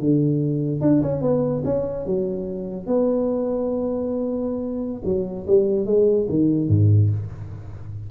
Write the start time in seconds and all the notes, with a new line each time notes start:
0.00 D3
0.81 D4
1.02 C#4
1.22 B3
1.65 C#4
2.06 F#3
2.87 B3
5.05 F#3
5.47 G3
5.86 G#3
6.29 D#3
6.69 G#2